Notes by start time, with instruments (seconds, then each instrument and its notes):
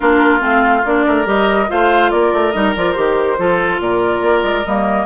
0.00 bassoon A#3, clarinet D4, oboe F4, flute A#4
0.39 bassoon A3, clarinet C4, flute F5
0.85 bassoon A#3, clarinet D4, flute D5
1.06 bassoon A3, oboe A#4
1.25 bassoon G3, clarinet G4, flute D#5
1.68 bassoon A3, clarinet F4, oboe C5, flute F5
2.10 bassoon A#3, oboe A#4, flute D5
2.32 bassoon A3
2.51 bassoon G3, clarinet D#4, flute D#5
2.75 bassoon F3, clarinet F4, flute D5
2.92 bassoon D#3, clarinet G4, flute C5
3.38 bassoon F3, clarinet F4, oboe A4
3.79 bassoon A#2, oboe A#4, flute D5
4.21 bassoon A#3
4.43 bassoon G#3
4.65 bassoon G3, clarinet A#3, flute D#5